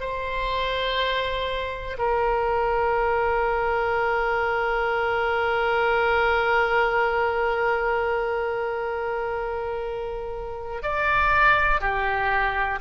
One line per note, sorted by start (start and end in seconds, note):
0.00 1.97 C5
1.98 10.82 A#4
10.82 11.80 D5
11.80 12.79 G4